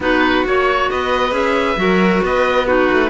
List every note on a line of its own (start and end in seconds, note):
0.00 0.43 B3
0.00 0.45 D#4
0.00 0.90 F#4
0.00 0.46 B4
0.45 0.89 A#3
0.45 1.30 F#4
0.45 0.90 C#5
0.90 1.31 B3
0.90 1.79 B4
0.90 1.34 D#5
1.30 1.76 C#4
1.30 1.75 G#4
1.30 2.23 E5
1.76 2.21 F#3
1.76 2.65 F#4
1.76 2.24 A#4
2.22 2.89 B3
2.22 2.66 B4
2.22 2.67 D#5
2.66 3.10 D#4
2.66 3.10 F#4
2.66 3.10 B4
2.90 3.10 A3